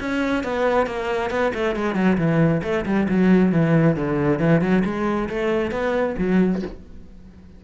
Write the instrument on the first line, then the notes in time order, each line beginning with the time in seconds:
cello
0.00 C#4
0.44 B3
0.87 A#3
1.31 B3
1.54 A3
1.76 G#3
1.95 F#3
2.18 E3
2.63 A3
2.86 G3
3.09 F#3
3.52 E3
3.96 D3
4.39 E3
4.61 F#3
4.85 G#3
5.29 A3
5.72 B3
6.18 F#3